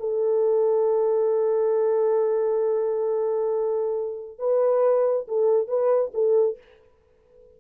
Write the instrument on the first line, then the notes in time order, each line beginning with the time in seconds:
horn
0.00 A4
4.39 B4
5.28 A4
5.68 B4
6.14 A4